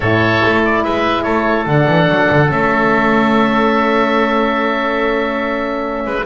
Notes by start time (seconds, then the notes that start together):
0.00 A2 E4 A4 C#5
0.45 A3
0.64 D5
0.83 G#3 B4 E5
1.22 A3 A4 C#5
1.66 D3 D4 F#5
1.87 E3
2.08 F#3
2.31 D3
2.47 A3 C#4 E5
6.05 G#3 B4